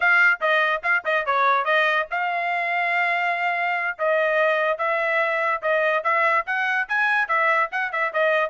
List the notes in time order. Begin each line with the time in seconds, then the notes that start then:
0.00 F5
0.41 D#5
0.82 F5
1.04 D#5
1.25 C#5
1.64 D#5
2.10 F5
3.98 D#5
4.78 E5
5.62 D#5
6.03 E5
6.46 F#5
6.88 G#5
7.28 E5
7.71 F#5
7.92 E5
8.13 D#5